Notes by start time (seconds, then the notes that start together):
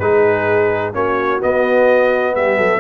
0.00 G#3 D#4 G#4 B4
0.93 A#3 C#4 F#4 C#5
1.40 B3 D#5
2.35 G3 G4 E5
2.57 F#3 A4